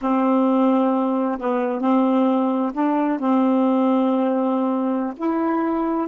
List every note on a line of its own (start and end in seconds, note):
0.01 1.38 C4
1.39 1.80 B3
1.80 2.72 C4
2.73 3.19 D4
3.19 5.14 C4
5.16 6.07 E4